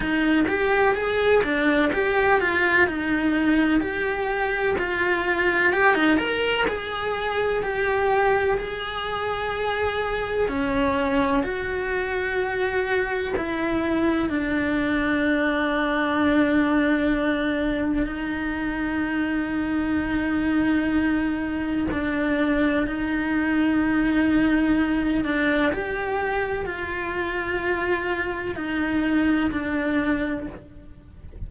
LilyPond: \new Staff \with { instrumentName = "cello" } { \time 4/4 \tempo 4 = 63 dis'8 g'8 gis'8 d'8 g'8 f'8 dis'4 | g'4 f'4 g'16 dis'16 ais'8 gis'4 | g'4 gis'2 cis'4 | fis'2 e'4 d'4~ |
d'2. dis'4~ | dis'2. d'4 | dis'2~ dis'8 d'8 g'4 | f'2 dis'4 d'4 | }